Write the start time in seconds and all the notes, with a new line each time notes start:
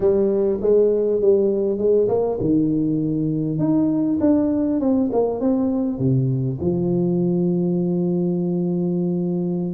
0.00 G3
0.61 G#3
1.21 G3
1.78 G#3
2.08 A#3
2.40 D#3
3.58 D#4
4.20 D4
4.79 C4
5.12 A#3
5.40 C4
5.98 C3
6.61 F3